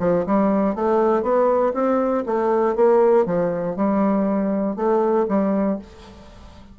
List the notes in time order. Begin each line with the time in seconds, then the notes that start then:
0.00 F3
0.26 G3
0.75 A3
1.23 B3
1.73 C4
2.26 A3
2.75 A#3
3.26 F3
3.76 G3
4.76 A3
5.28 G3